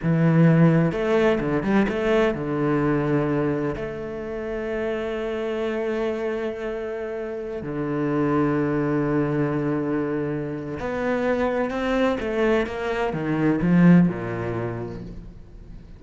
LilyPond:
\new Staff \with { instrumentName = "cello" } { \time 4/4 \tempo 4 = 128 e2 a4 d8 g8 | a4 d2. | a1~ | a1~ |
a16 d2.~ d8.~ | d2. b4~ | b4 c'4 a4 ais4 | dis4 f4 ais,2 | }